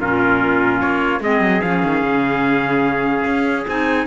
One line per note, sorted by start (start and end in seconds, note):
0.00 0.82 A#2
0.00 1.22 C#4
0.00 1.23 F4
0.00 0.81 A#4
0.81 1.20 A#3
0.81 1.21 C#5
1.20 1.40 G#3
1.20 1.62 C4
1.20 4.06 G#4
1.20 1.61 D#5
1.40 1.60 F#3
1.61 1.83 F3
1.61 3.68 C#4
1.61 3.65 F5
1.83 2.02 D#3
2.02 3.24 C#3
3.24 3.65 C#4
3.67 4.06 C4
3.67 4.06 D#4
3.67 4.06 G#5